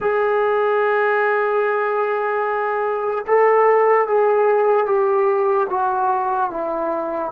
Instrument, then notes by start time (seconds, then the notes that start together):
trombone
0.00 G#4
3.27 A4
4.07 G#4
4.86 G4
5.69 F#4
6.50 E4